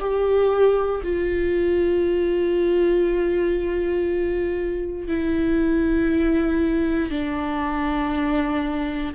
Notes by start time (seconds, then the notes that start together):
0.00 G4
1.04 F4
5.08 E4
7.11 D4